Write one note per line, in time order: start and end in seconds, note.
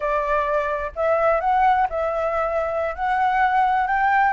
0.00 0.91 D5
0.95 1.40 E5
1.40 1.87 F#5
1.89 2.95 E5
2.95 3.87 F#5
3.87 4.33 G5